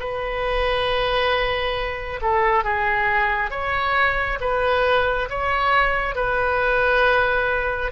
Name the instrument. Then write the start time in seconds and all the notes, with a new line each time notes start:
oboe
0.00 B4
2.22 A4
2.65 G#4
3.51 C#5
4.41 B4
5.30 C#5
6.16 B4